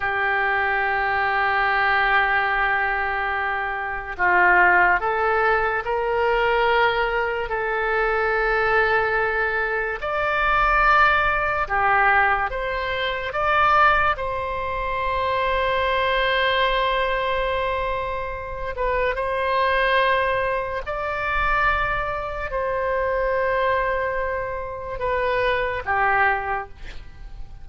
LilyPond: \new Staff \with { instrumentName = "oboe" } { \time 4/4 \tempo 4 = 72 g'1~ | g'4 f'4 a'4 ais'4~ | ais'4 a'2. | d''2 g'4 c''4 |
d''4 c''2.~ | c''2~ c''8 b'8 c''4~ | c''4 d''2 c''4~ | c''2 b'4 g'4 | }